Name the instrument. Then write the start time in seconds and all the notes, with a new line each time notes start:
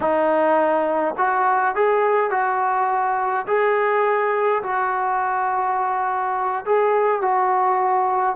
trombone
0.00 D#4
1.17 F#4
1.75 G#4
2.30 F#4
3.47 G#4
4.63 F#4
6.65 G#4
7.21 F#4